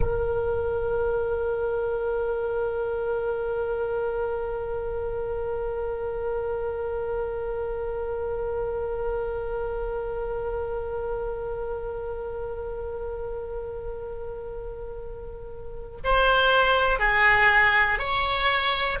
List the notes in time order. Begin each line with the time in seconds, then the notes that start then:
0.00 A#4
16.04 C5
16.99 G#4
17.99 C#5